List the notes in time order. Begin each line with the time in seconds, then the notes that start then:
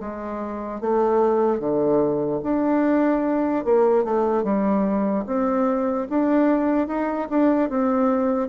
0.00 G#3
0.80 A3
1.59 D3
2.43 D4
3.64 A#3
4.04 A3
4.43 G3
5.26 C4
6.09 D4
6.87 D#4
7.29 D4
7.69 C4